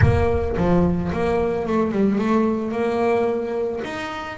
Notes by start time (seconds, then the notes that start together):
0.01 A#3
0.56 F3
1.12 A#3
1.66 A3
1.91 G3
2.18 A3
2.71 A#3
3.84 D#4